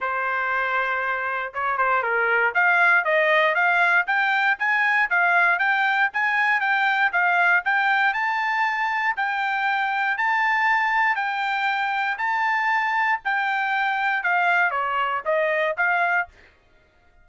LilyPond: \new Staff \with { instrumentName = "trumpet" } { \time 4/4 \tempo 4 = 118 c''2. cis''8 c''8 | ais'4 f''4 dis''4 f''4 | g''4 gis''4 f''4 g''4 | gis''4 g''4 f''4 g''4 |
a''2 g''2 | a''2 g''2 | a''2 g''2 | f''4 cis''4 dis''4 f''4 | }